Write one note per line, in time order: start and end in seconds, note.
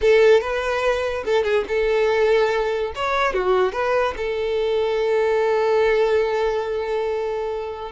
0.01 0.40 A4
0.40 1.24 B4
1.25 1.43 A4
1.43 1.64 G#4
1.67 2.92 A4
2.95 3.33 C#5
3.33 3.72 F#4
3.72 4.14 B4
4.17 7.91 A4